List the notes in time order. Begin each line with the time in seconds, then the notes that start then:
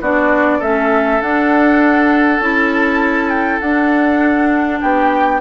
0.00 B3 D4 F#4 D5
0.58 A3 C#4 A4 E5
1.21 D4 F#5
2.39 C#4 E4 A5
3.29 G5
3.60 D4 F#5
4.81 B3 G4 G5